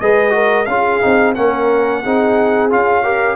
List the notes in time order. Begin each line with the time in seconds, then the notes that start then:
0.00 G#3 G#4 B4 D#5
0.30 F#4 A#4
0.65 C#4 F4 G#4 F5
1.01 C4 D#4
1.35 A#3 C#4 A#4 F#5
2.03 C4 D#4 G#4
2.70 C#4 F4 F5
3.03 G4 A#4